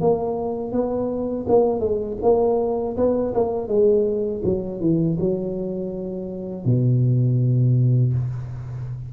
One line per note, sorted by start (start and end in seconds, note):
0.00 0.72 A#3
0.72 1.46 B3
1.48 1.80 A#3
1.80 2.17 G#3
2.22 2.96 A#3
2.96 3.33 B3
3.34 3.68 A#3
3.68 4.42 G#3
4.44 4.80 F#3
4.80 5.17 E3
5.20 6.65 F#3
6.65 8.13 B2